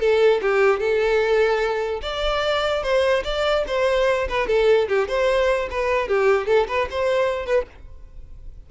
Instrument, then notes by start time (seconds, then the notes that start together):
violin
0.00 A4
0.41 G4
0.79 A4
2.02 D5
2.82 C5
3.24 D5
3.67 C5
4.28 B4
4.47 A4
4.88 G4
5.08 C5
5.70 B4
6.08 G4
6.47 A4
6.68 B4
6.90 C5
7.46 B4